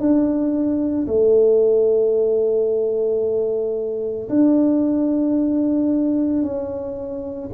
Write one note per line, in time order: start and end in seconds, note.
0.00 1.07 D4
1.08 4.29 A3
4.30 6.43 D4
6.43 7.50 C#4